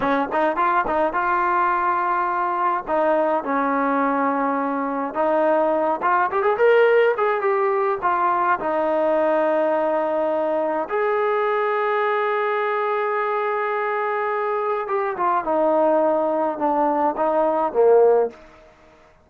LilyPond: \new Staff \with { instrumentName = "trombone" } { \time 4/4 \tempo 4 = 105 cis'8 dis'8 f'8 dis'8 f'2~ | f'4 dis'4 cis'2~ | cis'4 dis'4. f'8 g'16 gis'16 ais'8~ | ais'8 gis'8 g'4 f'4 dis'4~ |
dis'2. gis'4~ | gis'1~ | gis'2 g'8 f'8 dis'4~ | dis'4 d'4 dis'4 ais4 | }